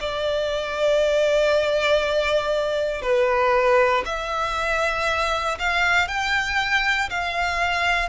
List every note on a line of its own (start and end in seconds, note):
0.00 3.02 D5
3.02 4.04 B4
4.05 5.58 E5
5.59 6.08 F5
6.08 7.10 G5
7.10 8.09 F5